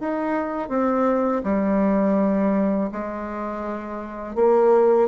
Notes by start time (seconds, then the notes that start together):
0.00 D#4
0.69 C4
1.44 G3
2.92 G#3
4.35 A#3